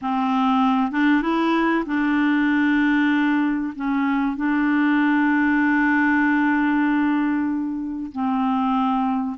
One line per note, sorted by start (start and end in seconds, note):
0.01 0.91 C4
0.91 1.22 D4
1.22 1.84 E4
1.86 3.73 D4
3.75 4.36 C#4
4.36 8.11 D4
8.12 9.37 C4